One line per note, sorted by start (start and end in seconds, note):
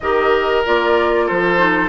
0.00 0.65 D#3
0.00 0.65 G4
0.00 1.26 A#4
0.00 0.63 D#5
0.65 1.30 A#3
0.65 1.58 F4
0.65 1.28 D5
1.26 1.88 F3
1.26 1.88 A4
1.26 1.88 C5
1.58 1.88 D#4